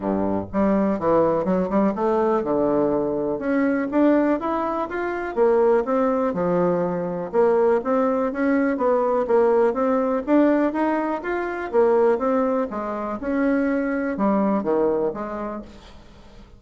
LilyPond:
\new Staff \with { instrumentName = "bassoon" } { \time 4/4 \tempo 4 = 123 g,4 g4 e4 fis8 g8 | a4 d2 cis'4 | d'4 e'4 f'4 ais4 | c'4 f2 ais4 |
c'4 cis'4 b4 ais4 | c'4 d'4 dis'4 f'4 | ais4 c'4 gis4 cis'4~ | cis'4 g4 dis4 gis4 | }